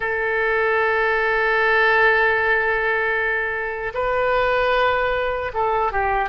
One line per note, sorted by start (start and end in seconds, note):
0.00 3.93 A4
3.94 5.52 B4
5.53 5.91 A4
5.91 6.29 G4